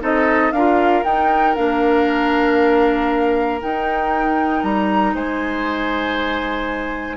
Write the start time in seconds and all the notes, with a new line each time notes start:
0.00 C4 D#4 A4 D#5
0.52 D4 F4 A#4 F5
1.04 D#4 G5
1.55 A#3 D4 F5
3.61 D#4 G5
4.63 G3 A#5
5.14 G#3 C5 G#5